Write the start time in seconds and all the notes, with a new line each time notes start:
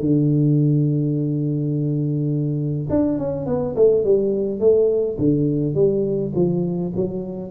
0.00 D3
2.90 D4
3.19 C#4
3.47 B3
3.76 A3
4.05 G3
4.60 A3
5.19 D3
5.75 G3
6.35 F3
6.96 F#3